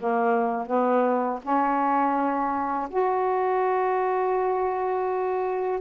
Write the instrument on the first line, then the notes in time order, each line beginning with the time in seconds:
saxophone
0.00 A#3
0.67 B3
1.43 C#4
2.90 F#4